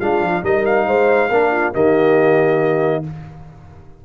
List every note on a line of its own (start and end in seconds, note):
0.00 0.21 G#3
0.00 0.43 D4
0.00 0.44 F4
0.00 0.43 F5
0.21 0.43 F3
0.43 0.87 G3
0.43 1.30 D#4
0.43 0.87 A#4
0.43 0.65 D#5
0.65 1.74 F5
0.87 1.30 G#3
0.87 1.30 C5
1.30 1.74 A#3
1.30 1.74 D4
1.30 1.51 A#4
1.52 1.73 F4
1.73 3.05 D#3
1.73 3.04 A#3
1.73 3.04 G4
1.73 3.05 D#5